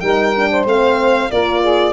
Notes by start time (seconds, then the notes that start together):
0.00 G3 D#4 A#4 G5
0.36 D4
0.51 C5
0.65 A3 C4 F5
1.31 A#3 F4 A#4 D5
1.62 G#4